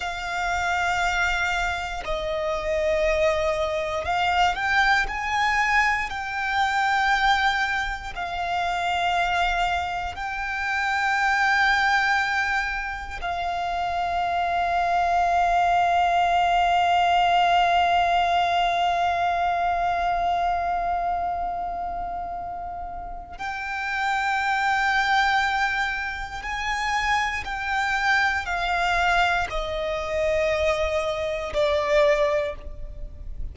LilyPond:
\new Staff \with { instrumentName = "violin" } { \time 4/4 \tempo 4 = 59 f''2 dis''2 | f''8 g''8 gis''4 g''2 | f''2 g''2~ | g''4 f''2.~ |
f''1~ | f''2. g''4~ | g''2 gis''4 g''4 | f''4 dis''2 d''4 | }